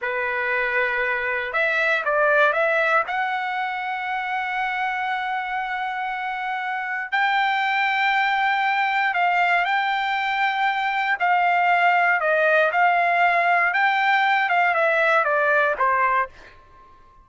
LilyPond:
\new Staff \with { instrumentName = "trumpet" } { \time 4/4 \tempo 4 = 118 b'2. e''4 | d''4 e''4 fis''2~ | fis''1~ | fis''2 g''2~ |
g''2 f''4 g''4~ | g''2 f''2 | dis''4 f''2 g''4~ | g''8 f''8 e''4 d''4 c''4 | }